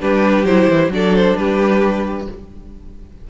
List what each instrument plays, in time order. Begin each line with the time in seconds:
0.00 cello G3, viola D4, violin G4 B4
0.45 cello F#3, viola E4, violin C5
0.68 cello E3
0.89 cello F#3, viola D4, violin A4 D5
1.16 violin C5
1.37 cello G3, violin G4 B4